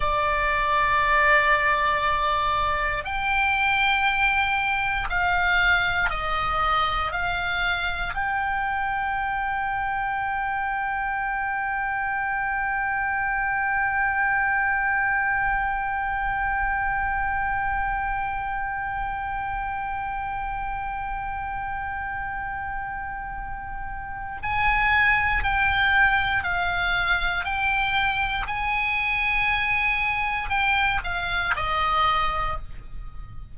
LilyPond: \new Staff \with { instrumentName = "oboe" } { \time 4/4 \tempo 4 = 59 d''2. g''4~ | g''4 f''4 dis''4 f''4 | g''1~ | g''1~ |
g''1~ | g''1 | gis''4 g''4 f''4 g''4 | gis''2 g''8 f''8 dis''4 | }